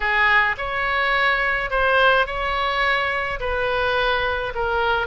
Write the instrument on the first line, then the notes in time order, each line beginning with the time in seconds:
oboe
0.00 G#4
0.57 C#5
1.70 C5
2.26 C#5
3.40 B4
4.55 A#4